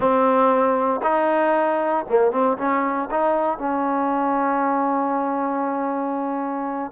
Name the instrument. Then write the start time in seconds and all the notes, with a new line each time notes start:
trombone
0.00 C4
1.02 D#4
2.09 A#3
2.31 C4
2.57 C#4
3.10 D#4
3.58 C#4